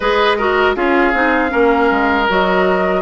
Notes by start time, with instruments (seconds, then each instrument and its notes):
0.00 bassoon G#3, clarinet G#4, oboe B4, flute D#5
0.37 clarinet F#4, oboe A#4
0.75 bassoon C#4, clarinet F4, oboe G#4, flute F5
1.13 bassoon C4, clarinet D#4
1.49 bassoon A#3, clarinet C#4, oboe A#4
1.90 bassoon G#3
2.28 bassoon F#3, clarinet F#4, flute D#5